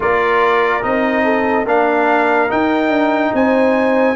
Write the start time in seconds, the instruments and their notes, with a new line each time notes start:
0.00 tuba A#3, trombone F4, horn A#4, trumpet D5
0.81 tuba C4, trombone D#4, trumpet D#5
1.23 horn A4
1.64 tuba A#3, trombone D4, horn A#4, trumpet F5
2.48 trombone D#4, tuba D#4, trumpet G5
2.89 tuba D4
3.33 tuba C4, horn C5, trumpet G#5